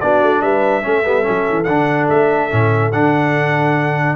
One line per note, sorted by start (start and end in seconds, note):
0.00 0.22 B3
0.00 0.82 D4
0.00 0.42 F#4
0.00 0.41 D5
0.22 0.41 A3
0.41 0.83 G3
0.41 0.84 B4
0.41 1.64 E5
0.82 1.05 A3
0.82 1.03 C#4
0.82 4.16 A4
1.04 1.26 G3
1.04 1.22 B3
1.22 1.49 F#3
1.22 1.64 C#4
1.49 1.67 E3
1.64 2.09 D3
1.64 2.50 D4
1.64 2.05 F#5
2.09 2.51 A3
2.09 2.92 E5
2.50 2.93 A2
2.50 2.92 C#4
2.92 4.16 D3
2.92 4.16 D4
2.92 4.16 F#5